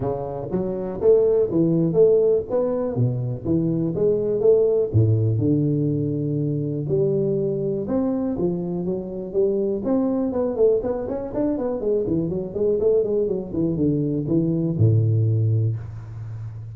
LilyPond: \new Staff \with { instrumentName = "tuba" } { \time 4/4 \tempo 4 = 122 cis4 fis4 a4 e4 | a4 b4 b,4 e4 | gis4 a4 a,4 d4~ | d2 g2 |
c'4 f4 fis4 g4 | c'4 b8 a8 b8 cis'8 d'8 b8 | gis8 e8 fis8 gis8 a8 gis8 fis8 e8 | d4 e4 a,2 | }